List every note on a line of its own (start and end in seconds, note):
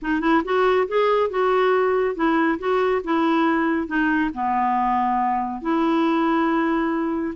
0.02 0.20 D#4
0.20 0.42 E4
0.44 0.87 F#4
0.88 1.29 G#4
1.29 2.15 F#4
2.15 2.58 E4
2.58 3.01 F#4
3.04 3.87 E4
3.87 4.30 D#4
4.34 5.61 B3
5.61 7.34 E4